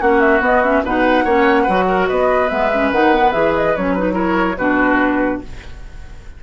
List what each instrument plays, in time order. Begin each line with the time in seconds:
0.00 bassoon A#3, clarinet C#4, oboe F#4, flute F#5
0.20 flute E5
0.41 bassoon B3, clarinet B3, flute D#5
0.63 clarinet C#4, flute E5
0.83 bassoon B2, clarinet D#4, oboe B4, flute F#5
1.24 bassoon A#3, clarinet C#4, oboe C#5
1.63 bassoon F#3, clarinet F#4, oboe B4
1.88 oboe A#4
2.08 bassoon B3, oboe B4, flute D#5
2.49 bassoon G#3, clarinet B3, flute E5
2.73 clarinet C#4
2.91 bassoon D#3, clarinet D#4, flute F#5
3.14 clarinet B3
3.32 bassoon E3, clarinet G#4, flute E5
3.56 flute D#5
3.76 bassoon F#3, clarinet C#4, flute C#5
3.93 clarinet D#4, flute B4
4.12 clarinet E4, oboe A#4, flute C#5
4.57 bassoon B2, clarinet D4, oboe F#4, flute B4